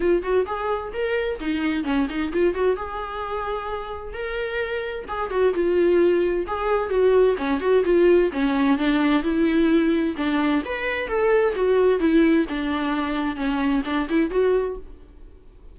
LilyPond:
\new Staff \with { instrumentName = "viola" } { \time 4/4 \tempo 4 = 130 f'8 fis'8 gis'4 ais'4 dis'4 | cis'8 dis'8 f'8 fis'8 gis'2~ | gis'4 ais'2 gis'8 fis'8 | f'2 gis'4 fis'4 |
cis'8 fis'8 f'4 cis'4 d'4 | e'2 d'4 b'4 | a'4 fis'4 e'4 d'4~ | d'4 cis'4 d'8 e'8 fis'4 | }